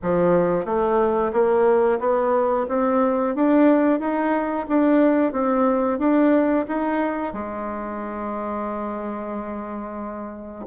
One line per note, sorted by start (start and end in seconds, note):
0.02 0.65 F3
0.65 1.32 A3
1.32 1.99 A#3
1.99 2.66 B3
2.68 3.35 C4
3.35 3.99 D4
3.99 4.66 D#4
4.68 5.32 D4
5.32 5.98 C4
5.98 6.65 D4
6.68 7.33 D#4
7.33 10.66 G#3